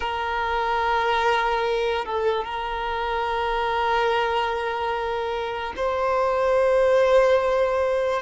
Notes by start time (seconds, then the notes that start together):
0.00 A#4
2.05 A4
2.44 A#4
5.76 C5